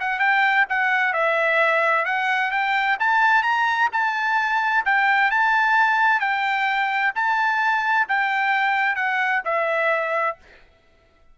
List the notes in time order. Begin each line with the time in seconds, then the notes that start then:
0.00 F#5
0.20 G5
0.69 F#5
1.13 E5
2.05 F#5
2.51 G5
3.00 A5
3.43 A#5
3.92 A5
4.85 G5
5.31 A5
6.20 G5
7.15 A5
8.09 G5
8.96 F#5
9.45 E5